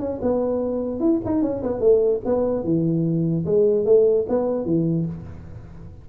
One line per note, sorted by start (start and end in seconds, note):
0.00 0.20 C#4
0.22 1.00 B3
1.00 1.21 E4
1.25 1.42 D#4
1.42 1.62 C#4
1.63 1.81 B3
1.81 2.21 A3
2.25 2.64 B3
2.64 3.45 E3
3.46 3.86 G#3
3.86 4.26 A3
4.29 4.65 B3
4.65 5.06 E3